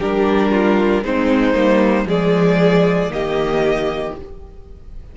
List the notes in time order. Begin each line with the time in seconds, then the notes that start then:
0.00 G3 D4 G4 A#4
0.51 F4
1.03 G#3 C4 D#4 C5
1.54 G3 A#3
2.05 F3 G#3 G#4 D5
3.08 D#3 A#3 G4 D#5